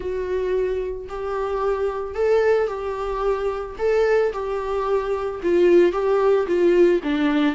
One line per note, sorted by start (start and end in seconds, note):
0.00 1.07 F#4
1.08 2.14 G4
2.14 2.67 A4
2.67 3.75 G4
3.78 4.32 A4
4.32 5.41 G4
5.43 5.92 F4
5.92 6.46 G4
6.46 7.00 F4
7.03 7.55 D4